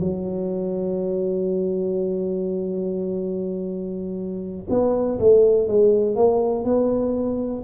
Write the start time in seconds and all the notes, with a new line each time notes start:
0.00 F#3
4.70 B3
5.20 A3
5.67 G#3
6.16 A#3
6.64 B3